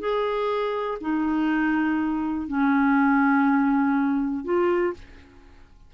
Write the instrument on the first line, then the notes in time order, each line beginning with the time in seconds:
clarinet
0.00 G#4
1.01 D#4
2.48 C#4
4.45 F4